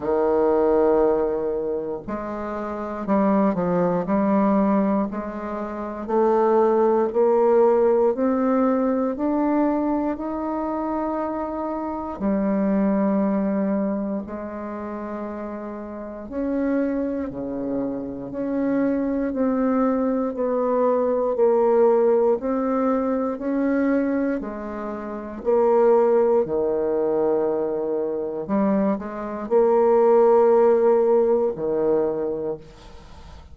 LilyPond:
\new Staff \with { instrumentName = "bassoon" } { \time 4/4 \tempo 4 = 59 dis2 gis4 g8 f8 | g4 gis4 a4 ais4 | c'4 d'4 dis'2 | g2 gis2 |
cis'4 cis4 cis'4 c'4 | b4 ais4 c'4 cis'4 | gis4 ais4 dis2 | g8 gis8 ais2 dis4 | }